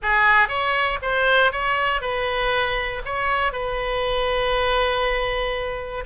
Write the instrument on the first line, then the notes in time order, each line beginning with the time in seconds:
oboe
0.02 G#4
0.48 C#5
1.02 C5
1.51 C#5
2.01 B4
3.05 C#5
3.52 B4